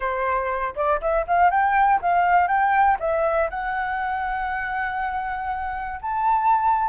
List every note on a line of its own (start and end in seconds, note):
0.00 0.74 C5
0.75 1.00 D5
1.01 1.26 E5
1.27 1.50 F5
1.50 2.00 G5
2.01 2.47 F5
2.47 2.97 G5
2.99 3.49 E5
3.50 6.00 F#5
6.01 6.88 A5